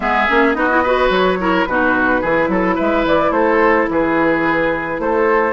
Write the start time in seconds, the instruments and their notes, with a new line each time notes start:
0.00 bassoon G#3, clarinet B3, oboe G#4, flute E5
0.28 bassoon A#3, clarinet C#4
0.53 bassoon B3, clarinet D#4, oboe F#4, flute D#5
0.70 clarinet E4
0.83 clarinet F#4, oboe B4
1.09 bassoon F#3, flute C#5
1.39 clarinet E4, oboe A#4
1.65 bassoon B2, clarinet D#4, oboe F#4, flute B4
2.21 bassoon E3, clarinet E4, oboe G#4
2.48 bassoon F#3, oboe A4
2.75 bassoon G#3, oboe B4, flute E5
3.05 bassoon E3, flute D5
3.31 bassoon A3, oboe A4, flute C5
3.89 bassoon E3, oboe G#4, flute B4
4.98 bassoon A3, oboe A4, flute C5